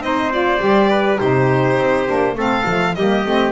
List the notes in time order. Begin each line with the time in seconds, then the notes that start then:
0.00 C4 D#4 C5 D#5
0.32 F4 D5
0.59 G3 G4
0.90 B4
1.19 C3 D#4 G4 C5
1.79 C4
2.07 A#3 D4
2.36 A3 C4 A4 F5
2.65 F3 A3
2.95 G3 A#3 G4 D#5
3.27 A3 C4